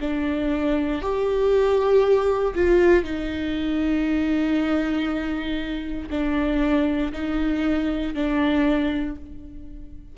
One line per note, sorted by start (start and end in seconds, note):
0.00 1.01 D4
1.01 2.54 G4
2.54 3.04 F4
3.04 6.09 D#4
6.10 7.12 D4
7.12 8.14 D#4
8.14 9.15 D4